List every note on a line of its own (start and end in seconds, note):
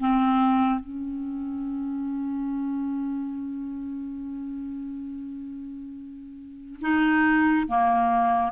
0.00 0.80 C4
0.80 6.80 C#4
6.81 7.67 D#4
7.68 8.52 A#3